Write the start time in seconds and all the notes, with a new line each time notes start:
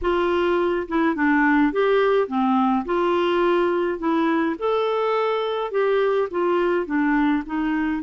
0.01 F4
0.88 E4
1.15 D4
1.72 G4
2.27 C4
2.85 F4
3.98 E4
4.58 A4
5.71 G4
6.31 F4
6.86 D4
7.46 D#4